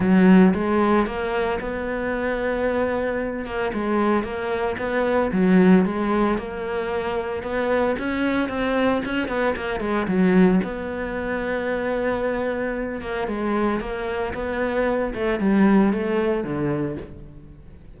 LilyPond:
\new Staff \with { instrumentName = "cello" } { \time 4/4 \tempo 4 = 113 fis4 gis4 ais4 b4~ | b2~ b8 ais8 gis4 | ais4 b4 fis4 gis4 | ais2 b4 cis'4 |
c'4 cis'8 b8 ais8 gis8 fis4 | b1~ | b8 ais8 gis4 ais4 b4~ | b8 a8 g4 a4 d4 | }